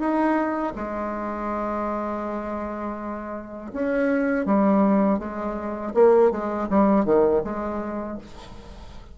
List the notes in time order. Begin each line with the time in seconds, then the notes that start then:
0.00 D#4
0.76 G#3
3.73 C#4
4.46 G3
5.19 G#3
5.95 A#3
6.32 G#3
6.70 G3
7.05 D#3
7.44 G#3